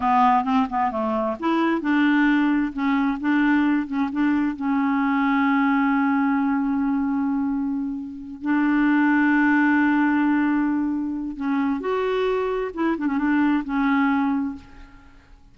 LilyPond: \new Staff \with { instrumentName = "clarinet" } { \time 4/4 \tempo 4 = 132 b4 c'8 b8 a4 e'4 | d'2 cis'4 d'4~ | d'8 cis'8 d'4 cis'2~ | cis'1~ |
cis'2~ cis'8 d'4.~ | d'1~ | d'4 cis'4 fis'2 | e'8 d'16 cis'16 d'4 cis'2 | }